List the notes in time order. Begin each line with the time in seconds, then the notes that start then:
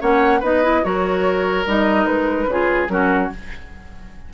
0.00 A#3 C#4 C#5 F#5
0.40 B3 D#4 B4 D#5
0.63 E4
0.83 F#3 F#4 A#4 C#5
1.66 G3 D#4 D#5
2.06 G#3 B4
2.47 C#3 F4 G#4
2.89 F#3 C#4 F#4 A#4